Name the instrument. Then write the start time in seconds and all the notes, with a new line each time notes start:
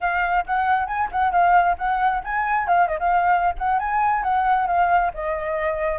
flute
0.00 F5
0.45 F#5
0.86 G#5
1.11 F#5
1.32 F5
1.78 F#5
2.24 G#5
2.67 F5
2.87 D#5
2.99 F5
3.58 F#5
3.79 G#5
4.23 F#5
4.67 F5
5.14 D#5